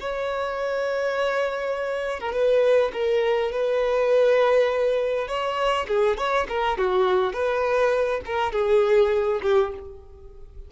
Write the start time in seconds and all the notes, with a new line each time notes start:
0.00 C#5
2.20 A#4
2.32 B4
2.93 A#4
3.51 B4
5.28 C#5
5.88 G#4
6.17 C#5
6.48 A#4
6.78 F#4
7.33 B4
8.25 A#4
8.52 G#4
9.42 G4